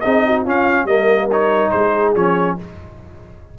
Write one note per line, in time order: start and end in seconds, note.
0.00 0.46 C4
0.00 0.46 D#4
0.00 0.24 G#4
0.00 0.42 D#5
0.26 0.43 F#4
0.43 0.85 C#4
0.43 0.88 C#4
0.43 0.85 F4
0.49 0.87 F5
0.85 1.69 G3
0.85 1.30 A#3
0.85 1.72 A#4
0.85 1.29 D#5
1.31 2.16 D#4
1.31 1.71 C#5
1.71 2.15 G#3
1.71 2.56 G#4
1.71 2.13 C5
2.15 2.58 F3
2.15 2.58 C#4
2.15 2.58 C#5